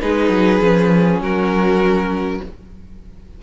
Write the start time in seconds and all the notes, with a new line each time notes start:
0.00 G#3 D#4 G#4 B4
0.29 F#3
0.60 F3 C#4
1.20 F#3 F#4 A#4